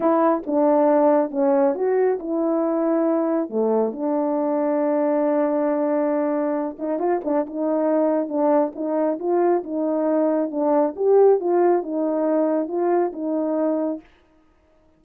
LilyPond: \new Staff \with { instrumentName = "horn" } { \time 4/4 \tempo 4 = 137 e'4 d'2 cis'4 | fis'4 e'2. | a4 d'2.~ | d'2.~ d'8 dis'8 |
f'8 d'8 dis'2 d'4 | dis'4 f'4 dis'2 | d'4 g'4 f'4 dis'4~ | dis'4 f'4 dis'2 | }